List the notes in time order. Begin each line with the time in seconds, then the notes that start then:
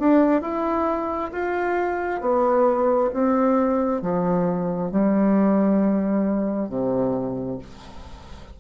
0.00 D4
0.42 E4
1.32 F4
2.21 B3
3.14 C4
4.03 F3
4.92 G3
6.70 C3